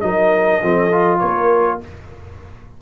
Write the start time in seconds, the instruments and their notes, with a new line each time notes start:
0.00 tuba F#3, trombone D#4, horn A#4, trumpet D#5
0.62 tuba F3, trombone C4, horn A4
0.91 trombone F4
1.19 tuba A#3, horn A#4, trumpet C#5